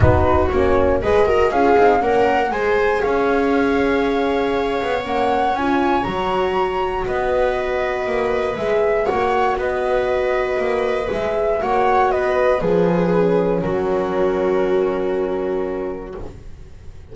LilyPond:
<<
  \new Staff \with { instrumentName = "flute" } { \time 4/4 \tempo 4 = 119 b'4 cis''4 dis''4 f''4 | fis''4 gis''4 f''2~ | f''2 fis''4 gis''4 | ais''2 dis''2~ |
dis''4 e''4 fis''4 dis''4~ | dis''2 e''4 fis''4 | dis''4 b'2 ais'4~ | ais'1 | }
  \new Staff \with { instrumentName = "viola" } { \time 4/4 fis'2 b'8 ais'8 gis'4 | ais'4 c''4 cis''2~ | cis''1~ | cis''2 b'2~ |
b'2 cis''4 b'4~ | b'2. cis''4 | b'4 gis'2 fis'4~ | fis'1 | }
  \new Staff \with { instrumentName = "horn" } { \time 4/4 dis'4 cis'4 gis'8 fis'8 f'8 dis'8 | cis'4 gis'2.~ | gis'2 cis'4 f'4 | fis'1~ |
fis'4 gis'4 fis'2~ | fis'2 gis'4 fis'4~ | fis'4 gis'4 cis'2~ | cis'1 | }
  \new Staff \with { instrumentName = "double bass" } { \time 4/4 b4 ais4 gis4 cis'8 c'8 | ais4 gis4 cis'2~ | cis'4. b8 ais4 cis'4 | fis2 b2 |
ais4 gis4 ais4 b4~ | b4 ais4 gis4 ais4 | b4 f2 fis4~ | fis1 | }
>>